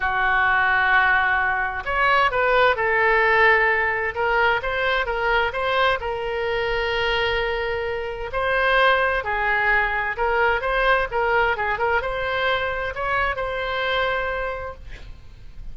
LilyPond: \new Staff \with { instrumentName = "oboe" } { \time 4/4 \tempo 4 = 130 fis'1 | cis''4 b'4 a'2~ | a'4 ais'4 c''4 ais'4 | c''4 ais'2.~ |
ais'2 c''2 | gis'2 ais'4 c''4 | ais'4 gis'8 ais'8 c''2 | cis''4 c''2. | }